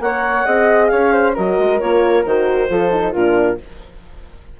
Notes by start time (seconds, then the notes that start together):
0.00 A#3 A#4 C#5 F#5
0.45 C4 G#4 D#5
0.86 C#4 C#5 F5
1.13 C5
1.34 F#3 F#4 A#4 D#5
1.59 G#3
1.79 A#3 F4 C#5
2.25 D#3 F#4 C5
2.69 F3 F4 A4
2.91 D#4
3.12 A#2 D4 F4 A#4